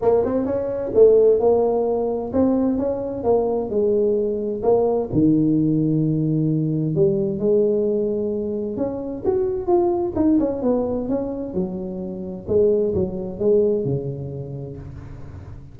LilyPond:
\new Staff \with { instrumentName = "tuba" } { \time 4/4 \tempo 4 = 130 ais8 c'8 cis'4 a4 ais4~ | ais4 c'4 cis'4 ais4 | gis2 ais4 dis4~ | dis2. g4 |
gis2. cis'4 | fis'4 f'4 dis'8 cis'8 b4 | cis'4 fis2 gis4 | fis4 gis4 cis2 | }